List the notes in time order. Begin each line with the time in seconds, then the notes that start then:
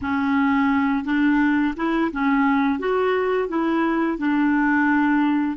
0.01 C#4
1.04 D4
1.76 E4
2.12 C#4
2.79 F#4
3.48 E4
4.18 D4